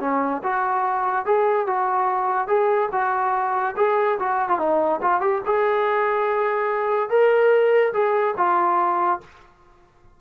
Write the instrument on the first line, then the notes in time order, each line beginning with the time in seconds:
trombone
0.00 C#4
0.43 F#4
1.26 G#4
1.67 F#4
2.47 G#4
2.92 F#4
3.77 G#4
4.19 F#4
4.49 F4
4.59 D#4
5.02 F4
5.21 G4
5.45 G#4
7.09 A#4
7.93 G#4
8.37 F4